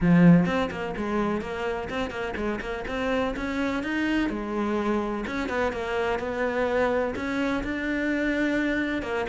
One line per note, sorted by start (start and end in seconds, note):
0.00 0.45 F3
0.45 0.69 C4
0.70 0.94 A#3
0.97 1.41 G#3
1.41 1.88 A#3
1.89 2.10 C4
2.10 2.34 A#3
2.36 2.60 G#3
2.61 2.84 A#3
2.87 3.35 C4
3.36 3.83 C#4
3.83 4.29 D#4
4.29 5.24 G#3
5.26 5.48 C#4
5.48 5.72 B3
5.72 6.19 A#3
6.19 7.14 B3
7.15 7.63 C#4
7.63 9.02 D4
9.02 9.26 A#3